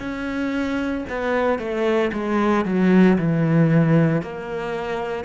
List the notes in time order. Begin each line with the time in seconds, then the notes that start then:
0.00 C#4
1.10 B3
1.59 A3
2.13 G#3
2.65 F#3
3.18 E3
4.22 A#3